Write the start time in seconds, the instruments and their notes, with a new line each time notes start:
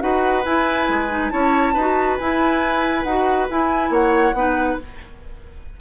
0.00 bassoon D#4, clarinet F#4, oboe B4, flute F#5
0.45 bassoon E4, clarinet E4, flute G#5
0.89 bassoon G#3
1.10 clarinet D#4
1.30 bassoon C#4, clarinet E4, oboe C#5, flute A5
1.74 bassoon D#4, clarinet F#4, oboe B4
2.18 clarinet E4, bassoon E4, flute G#5
3.04 bassoon D#4, clarinet F#4, flute F#5
3.51 clarinet E4, bassoon E4, flute G#5
3.90 bassoon A#3, oboe C#5, flute F#5
4.34 bassoon B3, clarinet D#4, oboe B4